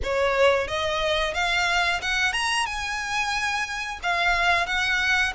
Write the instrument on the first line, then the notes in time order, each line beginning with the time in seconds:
violin
0.03 C#5
0.67 D#5
1.34 F5
2.02 F#5
2.32 A#5
2.66 G#5
4.02 F5
4.66 F#5